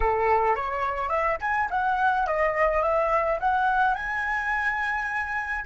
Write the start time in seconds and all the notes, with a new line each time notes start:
0.00 A4
0.55 C#5
1.09 E5
1.40 G#5
1.70 F#5
2.26 D#5
2.82 E5
3.40 F#5
3.95 G#5